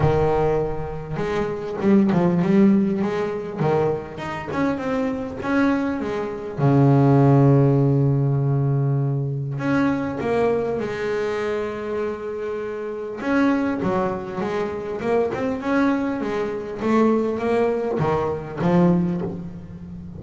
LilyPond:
\new Staff \with { instrumentName = "double bass" } { \time 4/4 \tempo 4 = 100 dis2 gis4 g8 f8 | g4 gis4 dis4 dis'8 cis'8 | c'4 cis'4 gis4 cis4~ | cis1 |
cis'4 ais4 gis2~ | gis2 cis'4 fis4 | gis4 ais8 c'8 cis'4 gis4 | a4 ais4 dis4 f4 | }